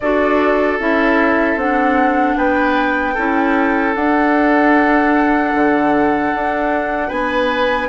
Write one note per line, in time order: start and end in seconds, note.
0.00 0.79 D4
0.00 0.80 F#4
0.00 2.37 A4
0.00 0.79 D5
0.79 1.56 C#4
0.79 1.58 E4
0.79 1.58 E5
1.56 2.35 C4
1.56 3.16 D4
1.56 2.37 F#5
2.37 3.16 B3
2.37 3.14 B4
2.37 3.94 G5
3.14 3.95 C#4
3.14 3.95 E4
3.14 7.08 A4
3.94 7.88 D4
3.94 5.53 D4
3.94 7.10 F#5
5.54 6.33 D3
6.34 7.11 D4
7.08 7.88 B3
7.08 7.87 B4
7.08 7.88 G#5